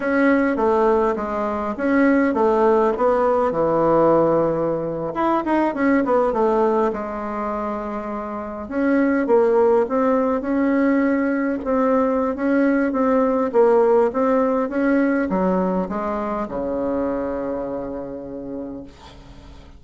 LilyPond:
\new Staff \with { instrumentName = "bassoon" } { \time 4/4 \tempo 4 = 102 cis'4 a4 gis4 cis'4 | a4 b4 e2~ | e8. e'8 dis'8 cis'8 b8 a4 gis16~ | gis2~ gis8. cis'4 ais16~ |
ais8. c'4 cis'2 c'16~ | c'4 cis'4 c'4 ais4 | c'4 cis'4 fis4 gis4 | cis1 | }